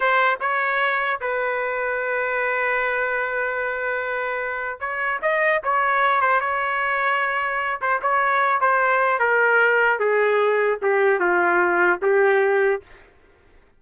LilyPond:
\new Staff \with { instrumentName = "trumpet" } { \time 4/4 \tempo 4 = 150 c''4 cis''2 b'4~ | b'1~ | b'1 | cis''4 dis''4 cis''4. c''8 |
cis''2.~ cis''8 c''8 | cis''4. c''4. ais'4~ | ais'4 gis'2 g'4 | f'2 g'2 | }